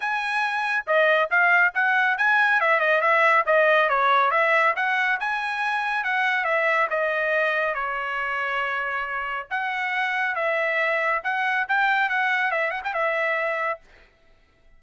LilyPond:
\new Staff \with { instrumentName = "trumpet" } { \time 4/4 \tempo 4 = 139 gis''2 dis''4 f''4 | fis''4 gis''4 e''8 dis''8 e''4 | dis''4 cis''4 e''4 fis''4 | gis''2 fis''4 e''4 |
dis''2 cis''2~ | cis''2 fis''2 | e''2 fis''4 g''4 | fis''4 e''8 fis''16 g''16 e''2 | }